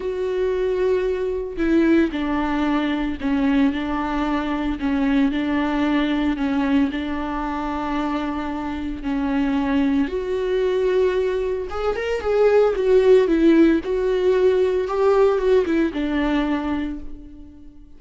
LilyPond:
\new Staff \with { instrumentName = "viola" } { \time 4/4 \tempo 4 = 113 fis'2. e'4 | d'2 cis'4 d'4~ | d'4 cis'4 d'2 | cis'4 d'2.~ |
d'4 cis'2 fis'4~ | fis'2 gis'8 ais'8 gis'4 | fis'4 e'4 fis'2 | g'4 fis'8 e'8 d'2 | }